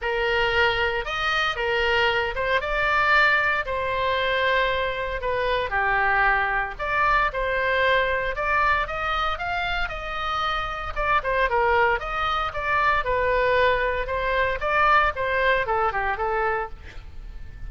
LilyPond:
\new Staff \with { instrumentName = "oboe" } { \time 4/4 \tempo 4 = 115 ais'2 dis''4 ais'4~ | ais'8 c''8 d''2 c''4~ | c''2 b'4 g'4~ | g'4 d''4 c''2 |
d''4 dis''4 f''4 dis''4~ | dis''4 d''8 c''8 ais'4 dis''4 | d''4 b'2 c''4 | d''4 c''4 a'8 g'8 a'4 | }